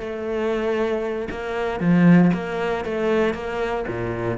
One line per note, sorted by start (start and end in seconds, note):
0.00 1.28 A3
1.30 1.79 A#3
1.79 2.31 F3
2.33 2.85 A#3
2.85 3.34 A3
3.34 3.85 A#3
3.87 4.37 A#2